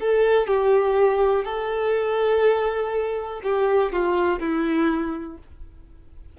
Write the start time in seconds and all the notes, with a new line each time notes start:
0.00 A4
0.47 G4
1.44 A4
3.43 G4
3.93 F4
4.39 E4